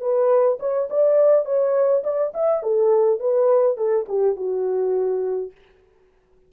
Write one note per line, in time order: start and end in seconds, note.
0.00 0.58 B4
0.59 0.88 C#5
0.90 1.45 D5
1.45 2.02 C#5
2.03 2.32 D5
2.34 2.62 E5
2.62 3.19 A4
3.19 3.77 B4
3.77 4.06 A4
4.08 4.36 G4
4.36 5.51 F#4